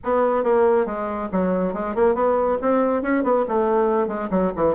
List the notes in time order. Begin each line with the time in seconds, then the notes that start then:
0.04 B3
0.43 A#3
0.85 G#3
1.32 F#3
1.73 G#3
1.95 A#3
2.15 B3
2.61 C4
3.02 C#4
3.23 B3
3.48 A3
4.07 G#3
4.30 F#3
4.56 E3